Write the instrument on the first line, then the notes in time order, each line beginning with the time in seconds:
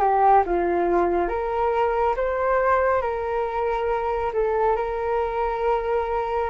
flute
0.00 G4
0.46 F4
1.28 A#4
2.16 C5
3.01 A#4
4.33 A4
4.76 A#4